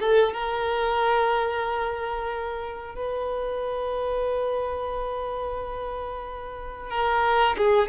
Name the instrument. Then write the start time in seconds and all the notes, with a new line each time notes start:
violin
0.00 A4
0.33 A#4
2.95 B4
6.91 A#4
7.58 G#4